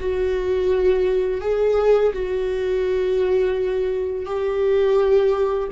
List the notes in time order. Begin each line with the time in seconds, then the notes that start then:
0.00 F#4
1.41 G#4
2.14 F#4
4.26 G4